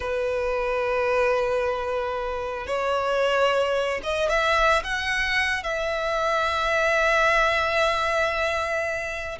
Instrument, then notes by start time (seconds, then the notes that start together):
violin
0.00 B4
2.66 C#5
4.03 D#5
4.29 E5
4.83 F#5
5.63 E5